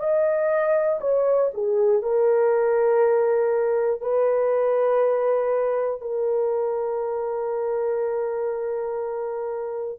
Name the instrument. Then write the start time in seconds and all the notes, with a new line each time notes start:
horn
0.00 D#5
1.01 C#5
1.54 G#4
2.03 A#4
4.02 B4
6.01 A#4